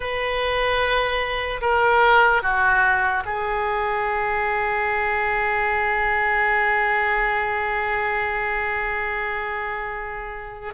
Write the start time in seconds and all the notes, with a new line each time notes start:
0.00 B4
1.61 A#4
2.42 F#4
3.25 G#4